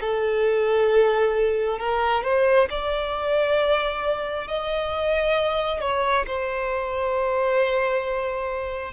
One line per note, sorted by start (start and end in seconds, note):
0.00 1.79 A4
1.79 2.23 A#4
2.23 2.68 C5
2.69 4.47 D5
4.47 5.80 D#5
5.80 6.25 C#5
6.26 8.93 C5